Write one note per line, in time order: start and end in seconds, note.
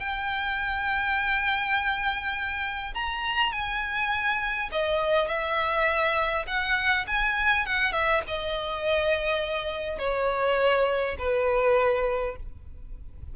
0.00 2.94 G5
2.94 3.52 A#5
3.52 4.70 G#5
4.72 5.28 D#5
5.28 6.45 E5
6.47 7.06 F#5
7.07 7.66 G#5
7.66 7.93 F#5
7.93 8.22 E5
8.27 9.99 D#5
9.99 11.17 C#5
11.19 12.36 B4